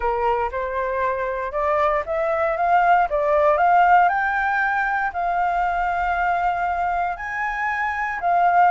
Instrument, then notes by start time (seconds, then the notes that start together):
flute
0.00 A#4
0.51 C5
1.52 D5
2.06 E5
2.56 F5
3.09 D5
3.57 F5
4.08 G5
5.13 F5
7.17 G#5
8.20 F5